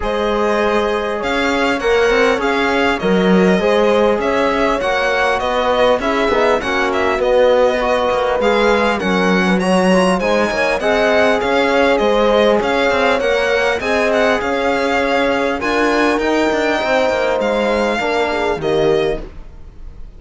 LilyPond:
<<
  \new Staff \with { instrumentName = "violin" } { \time 4/4 \tempo 4 = 100 dis''2 f''4 fis''4 | f''4 dis''2 e''4 | fis''4 dis''4 e''4 fis''8 e''8 | dis''2 f''4 fis''4 |
ais''4 gis''4 fis''4 f''4 | dis''4 f''4 fis''4 gis''8 fis''8 | f''2 gis''4 g''4~ | g''4 f''2 dis''4 | }
  \new Staff \with { instrumentName = "horn" } { \time 4/4 c''2 cis''2~ | cis''2 c''4 cis''4~ | cis''4 b'4 gis'4 fis'4~ | fis'4 b'2 ais'8. b'16 |
cis''4 c''8 cis''8 dis''4 cis''4 | c''4 cis''2 dis''4 | cis''2 ais'2 | c''2 ais'8 gis'8 g'4 | }
  \new Staff \with { instrumentName = "trombone" } { \time 4/4 gis'2. ais'4 | gis'4 ais'4 gis'2 | fis'2 e'8 dis'8 cis'4 | b4 fis'4 gis'4 cis'4 |
fis'8 f'8 dis'4 gis'2~ | gis'2 ais'4 gis'4~ | gis'2 f'4 dis'4~ | dis'2 d'4 ais4 | }
  \new Staff \with { instrumentName = "cello" } { \time 4/4 gis2 cis'4 ais8 c'8 | cis'4 fis4 gis4 cis'4 | ais4 b4 cis'8 b8 ais4 | b4. ais8 gis4 fis4~ |
fis4 gis8 ais8 c'4 cis'4 | gis4 cis'8 c'8 ais4 c'4 | cis'2 d'4 dis'8 d'8 | c'8 ais8 gis4 ais4 dis4 | }
>>